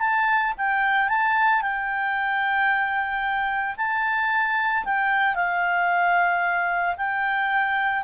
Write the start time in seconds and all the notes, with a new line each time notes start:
0.00 A5
0.58 G5
1.09 A5
1.62 G5
3.77 A5
4.85 G5
5.36 F5
6.97 G5